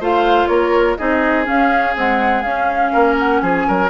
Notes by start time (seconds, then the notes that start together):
0.00 A3 F4 C5 F5
0.47 A#3 A#4 C#5
0.97 C4 D#4 G#4 D#5
1.44 C#4 F5
1.95 G#3 C4 F#5
2.42 C#4 F5
2.92 A#3 A#4
3.19 F#5
3.41 F3 G#4 G#5
3.68 F#3 A#4